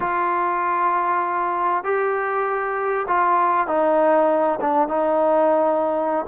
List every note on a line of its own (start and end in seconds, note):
0.00 1.84 F4
1.84 3.06 G4
3.07 3.67 F4
3.67 4.59 D#4
4.61 4.88 D4
4.88 6.26 D#4